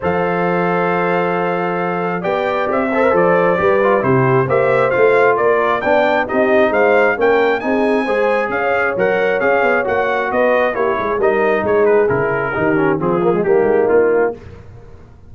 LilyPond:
<<
  \new Staff \with { instrumentName = "trumpet" } { \time 4/4 \tempo 4 = 134 f''1~ | f''4 g''4 e''4 d''4~ | d''4 c''4 e''4 f''4 | d''4 g''4 dis''4 f''4 |
g''4 gis''2 f''4 | fis''4 f''4 fis''4 dis''4 | cis''4 dis''4 cis''8 b'8 ais'4~ | ais'4 gis'4 g'4 f'4 | }
  \new Staff \with { instrumentName = "horn" } { \time 4/4 c''1~ | c''4 d''4. c''4. | b'4 g'4 c''2 | ais'4 d''4 g'4 c''4 |
ais'4 gis'4 c''4 cis''4~ | cis''2. b'4 | g'8 gis'8 ais'4 gis'2 | g'4 f'4 dis'2 | }
  \new Staff \with { instrumentName = "trombone" } { \time 4/4 a'1~ | a'4 g'4. a'16 ais'16 a'4 | g'8 f'8 e'4 g'4 f'4~ | f'4 d'4 dis'2 |
cis'4 dis'4 gis'2 | ais'4 gis'4 fis'2 | e'4 dis'2 e'4 | dis'8 cis'8 c'8 ais16 gis16 ais2 | }
  \new Staff \with { instrumentName = "tuba" } { \time 4/4 f1~ | f4 b4 c'4 f4 | g4 c4 ais4 a4 | ais4 b4 c'4 gis4 |
ais4 c'4 gis4 cis'4 | fis4 cis'8 b8 ais4 b4 | ais8 gis8 g4 gis4 cis4 | dis4 f4 g8 gis8 ais4 | }
>>